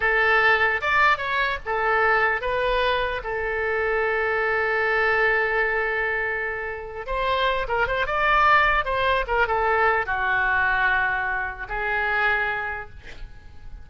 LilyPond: \new Staff \with { instrumentName = "oboe" } { \time 4/4 \tempo 4 = 149 a'2 d''4 cis''4 | a'2 b'2 | a'1~ | a'1~ |
a'4. c''4. ais'8 c''8 | d''2 c''4 ais'8 a'8~ | a'4 fis'2.~ | fis'4 gis'2. | }